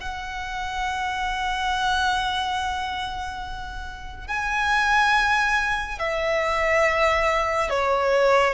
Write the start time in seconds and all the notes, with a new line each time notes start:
0.00 F#5
4.27 G#5
5.99 E5
7.69 C#5